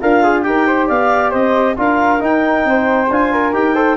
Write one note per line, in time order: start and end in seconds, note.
0.00 0.45 D4
0.00 0.44 F4
0.00 0.23 A#4
0.00 0.42 F5
0.23 0.43 G#4
0.42 0.89 D#4
0.42 1.75 G4
0.42 0.66 A#4
0.42 0.86 G5
0.66 0.87 C5
0.87 1.33 B3
0.87 1.30 D5
0.87 1.31 F5
1.30 1.77 C4
1.30 1.74 C5
1.30 1.75 D#5
1.76 2.21 D4
1.76 2.19 F4
1.76 2.67 A#4
1.76 2.23 F5
2.19 3.07 D#4
2.19 2.64 D#4
2.19 3.11 G5
2.64 3.09 C4
2.64 3.32 C5
3.10 3.53 D4
3.10 3.53 F4
3.10 3.53 G#5
3.32 3.74 A#4
3.53 3.96 D#4
3.53 3.74 G4
3.53 3.96 G5
3.74 3.96 A4
3.74 3.96 C5